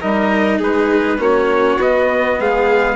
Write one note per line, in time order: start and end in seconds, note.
0.00 0.60 G3
0.00 1.18 D#4
0.00 0.58 A#4
0.00 0.60 D#5
0.58 1.18 G#3
0.58 1.17 G#4
0.58 1.22 B4
1.18 1.77 A#3
1.18 1.77 C#4
1.18 2.39 F#4
1.18 1.81 C#5
1.77 2.36 B3
1.77 2.95 B3
1.77 2.41 D#5
2.39 2.95 G#3
2.39 2.95 G#4
2.39 2.95 F5